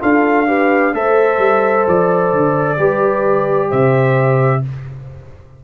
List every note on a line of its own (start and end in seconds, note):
0.00 0.93 D4
0.00 0.46 F4
0.00 0.48 A4
0.00 0.94 F5
0.47 0.93 G4
0.47 0.94 B4
0.93 1.38 A3
0.93 2.77 A4
0.93 2.78 C5
0.93 1.87 E5
1.38 1.84 G3
1.87 2.32 F3
1.87 3.71 D5
2.32 2.79 D3
2.77 3.71 G3
2.77 4.62 G4
2.77 3.68 B4
3.68 4.64 C3
3.68 4.61 C5
3.68 4.63 E5